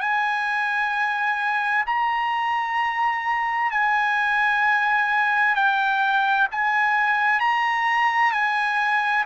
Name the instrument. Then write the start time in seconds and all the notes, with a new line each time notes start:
trumpet
0.00 G#5
1.86 A#5
3.71 G#5
5.56 G5
6.51 G#5
7.40 A#5
8.32 G#5